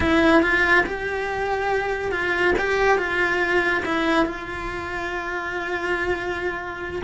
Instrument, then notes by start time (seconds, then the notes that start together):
cello
0.00 E4
0.42 F4
0.85 G4
2.11 F4
2.58 G4
2.98 F4
3.85 E4
4.25 F4